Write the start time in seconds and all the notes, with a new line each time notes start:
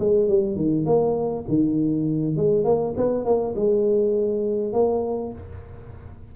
0.00 G#3
0.29 G3
0.56 D#3
0.86 A#3
1.49 D#3
2.37 G#3
2.65 A#3
2.97 B3
3.25 A#3
3.56 G#3
4.73 A#3